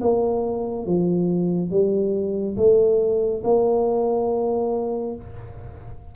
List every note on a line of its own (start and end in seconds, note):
0.00 0.86 A#3
0.86 1.70 F3
1.70 2.56 G3
2.56 3.42 A3
3.44 5.15 A#3